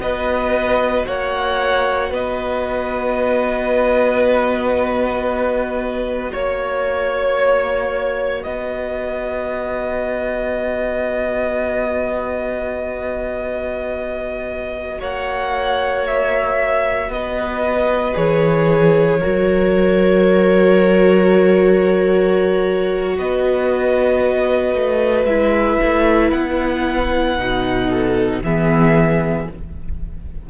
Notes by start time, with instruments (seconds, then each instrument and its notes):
0.00 cello B3, viola F#4, violin B4 D#5
1.07 cello A#3, violin C#5 F#5
2.10 cello B3, violin B4 D#5
6.33 cello A#3, violin C#5
8.41 cello B3, violin B4 D#5
15.00 cello A#3, violin C#5 F#5
16.08 violin E5
17.10 cello B3, violin D#5
17.16 violin B4
18.14 cello E3, viola G#4, violin C#5
19.20 viola F#4, violin A#4
19.26 cello F#3
23.18 cello B3, violin B4 D#5
24.75 cello A3
25.25 cello G#3, viola E4, violin E5
25.83 cello A3
26.32 cello B3, violin F#5
27.38 cello B2, viola D#4
27.89 violin A4
28.43 cello E3, viola B3, violin G#4 E5